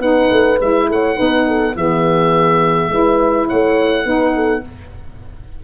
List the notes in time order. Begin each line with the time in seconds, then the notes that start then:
0.00 B3 D#4 B4 F#5
0.31 A3
0.61 G#3 E4 E5
0.89 A3 C#5 F#5
1.16 B3 D#4 B4
1.47 A4
1.76 E3 B3 G#4 E5
2.89 G#3 E4 B4
3.48 A3 C#5 F#5
4.05 B3 D#4 B4
4.35 A4